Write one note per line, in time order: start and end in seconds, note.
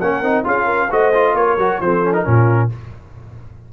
0.00 0.22 A#3
0.00 0.24 C#4
0.00 0.46 A#4
0.00 0.45 F#5
0.22 0.44 C4
0.22 0.44 D#4
0.44 0.90 C#4
0.44 0.89 F4
0.44 0.65 G#4
0.44 0.92 F5
0.65 0.87 A#4
0.90 1.34 A3
0.90 1.13 F#4
0.90 1.36 C5
0.90 1.36 D#5
1.14 1.58 F4
1.34 1.57 A#3
1.34 1.82 A#4
1.34 1.81 C#5
1.57 1.80 F#3
1.57 1.82 F#4
1.81 2.25 F3
1.81 2.04 C4
1.81 2.28 A4
1.81 2.13 C5
2.04 2.13 C#4
2.13 2.24 D#4
2.13 2.69 A#4
2.24 2.71 A#2
2.24 2.69 C#4
2.24 2.73 F4